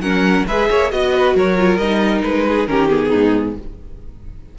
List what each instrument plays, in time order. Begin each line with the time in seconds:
0.00 cello F#3, viola C#4, violin A#4 F#5
0.47 cello G#3, viola G#4, violin B4 E5
0.70 cello A#3, violin C#5
0.91 cello B3, viola F#4, violin D#5
1.14 violin B4
1.35 cello F#3, violin A#4 C#5
1.57 viola F4
1.77 cello G3, viola D#4, violin D#5
2.23 cello G#3, violin B4
2.47 violin G#4
2.66 cello D#3, viola C#4, violin G4 A#4
2.90 viola B3, violin G#4
3.09 cello G#2, violin D#4